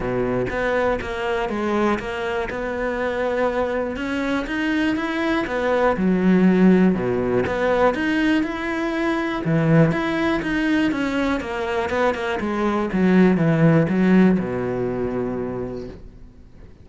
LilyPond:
\new Staff \with { instrumentName = "cello" } { \time 4/4 \tempo 4 = 121 b,4 b4 ais4 gis4 | ais4 b2. | cis'4 dis'4 e'4 b4 | fis2 b,4 b4 |
dis'4 e'2 e4 | e'4 dis'4 cis'4 ais4 | b8 ais8 gis4 fis4 e4 | fis4 b,2. | }